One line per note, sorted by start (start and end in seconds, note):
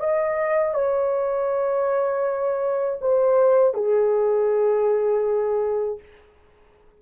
0.00 0.74 D#5
0.74 2.99 C#5
3.01 3.74 C5
3.74 5.99 G#4